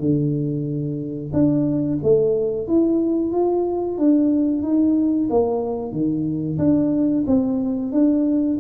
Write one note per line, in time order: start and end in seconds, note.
0.00 1.32 D3
1.33 1.99 D4
2.03 2.68 A3
2.68 3.32 E4
3.32 3.98 F4
3.98 4.63 D4
4.63 5.29 D#4
5.30 5.93 A#3
5.93 6.58 D#3
6.59 7.25 D4
7.27 7.92 C4
7.92 8.58 D4